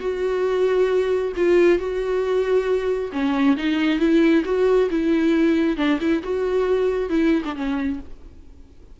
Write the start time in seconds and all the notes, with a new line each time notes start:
0.00 F#4
1.37 F4
1.79 F#4
3.12 C#4
3.57 D#4
3.99 E4
4.45 F#4
4.91 E4
5.77 D4
6.00 E4
6.23 F#4
7.10 E4
7.45 D4
7.56 C#4